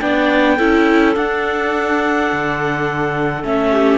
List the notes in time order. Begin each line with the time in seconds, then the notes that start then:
0.00 B3 D4 D5 G5
0.56 C#4 E4 A4
1.15 D4 F#5
2.32 D3
3.43 A3 C#4 E5
3.71 G4